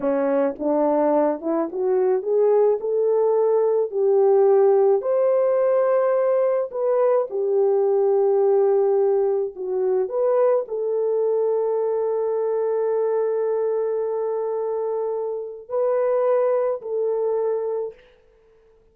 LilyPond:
\new Staff \with { instrumentName = "horn" } { \time 4/4 \tempo 4 = 107 cis'4 d'4. e'8 fis'4 | gis'4 a'2 g'4~ | g'4 c''2. | b'4 g'2.~ |
g'4 fis'4 b'4 a'4~ | a'1~ | a'1 | b'2 a'2 | }